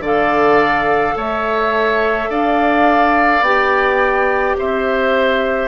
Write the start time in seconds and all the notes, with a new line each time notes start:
0.00 D3 A4 D5 F5
1.16 A3 C#5 E5
2.29 D4 D5 F5
3.41 B3 G4 G5
4.58 C4 C5 E5